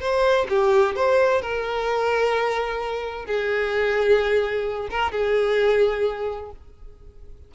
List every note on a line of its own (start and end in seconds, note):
0.00 0.47 C5
0.49 0.95 G4
0.95 1.41 C5
1.41 3.25 A#4
3.25 4.88 G#4
4.90 5.11 A#4
5.11 6.51 G#4